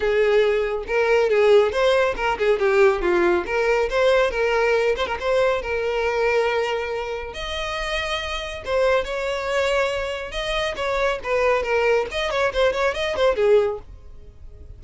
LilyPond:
\new Staff \with { instrumentName = "violin" } { \time 4/4 \tempo 4 = 139 gis'2 ais'4 gis'4 | c''4 ais'8 gis'8 g'4 f'4 | ais'4 c''4 ais'4. c''16 ais'16 | c''4 ais'2.~ |
ais'4 dis''2. | c''4 cis''2. | dis''4 cis''4 b'4 ais'4 | dis''8 cis''8 c''8 cis''8 dis''8 c''8 gis'4 | }